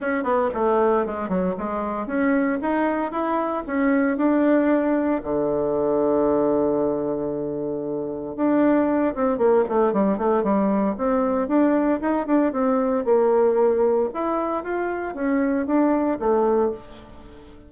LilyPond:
\new Staff \with { instrumentName = "bassoon" } { \time 4/4 \tempo 4 = 115 cis'8 b8 a4 gis8 fis8 gis4 | cis'4 dis'4 e'4 cis'4 | d'2 d2~ | d1 |
d'4. c'8 ais8 a8 g8 a8 | g4 c'4 d'4 dis'8 d'8 | c'4 ais2 e'4 | f'4 cis'4 d'4 a4 | }